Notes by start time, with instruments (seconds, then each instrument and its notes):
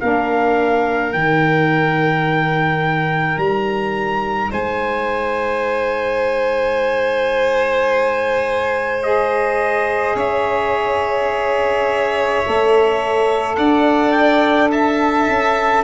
0.00 tuba A#3, saxophone D4, violin A#4, trumpet F5
1.12 tuba D#3, saxophone D#4, trumpet G5
3.37 tuba G3, trumpet A#5
4.50 tuba G#3, violin C5, trumpet G#5
9.03 saxophone G#4, trumpet D#5
10.15 tuba C#4, violin C#5, trumpet E5
12.46 tuba A3, saxophone A4
13.56 tuba D4, violin D5, trumpet F#5
14.12 trumpet G5
14.71 violin E5, trumpet A5
15.28 tuba C#4